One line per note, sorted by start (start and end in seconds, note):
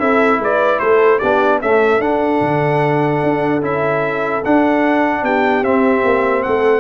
0.00 0.39 C4
0.00 1.21 E4
0.00 0.41 A4
0.00 0.40 E5
0.39 0.79 G#3
0.39 0.81 B4
0.39 0.79 D5
0.79 1.21 A3
0.79 1.20 A4
0.79 1.19 C5
1.19 1.62 B3
1.19 1.63 D4
1.19 1.60 G4
1.19 1.59 D5
1.62 2.00 A3
1.62 2.00 C#4
1.62 5.24 A4
1.62 2.01 E5
2.00 2.40 D4
2.00 3.61 D4
2.00 3.62 F#5
2.41 3.22 D3
3.23 3.62 D4
3.61 4.42 C#4
3.61 4.42 E4
3.61 4.44 E5
4.44 5.64 D4
4.44 5.23 D4
4.44 5.25 F#5
5.23 5.62 B3
5.23 6.45 G4
5.23 5.64 G5
5.62 6.03 C4
5.62 6.80 C4
5.62 6.43 E5
6.05 6.45 A#3
6.43 6.80 A3
6.43 6.80 A4
6.43 6.80 F#5